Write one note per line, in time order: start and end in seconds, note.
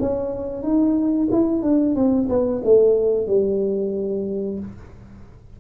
0.00 0.63 C#4
0.63 1.29 D#4
1.32 1.63 E4
1.63 1.96 D4
1.96 2.29 C4
2.29 2.62 B3
2.65 3.28 A3
3.28 4.59 G3